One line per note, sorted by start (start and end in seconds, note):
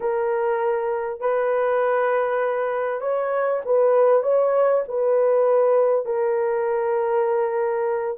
0.00 1.20 A#4
1.20 3.00 B4
3.00 3.61 C#5
3.65 4.22 B4
4.22 4.83 C#5
4.88 6.05 B4
6.05 8.17 A#4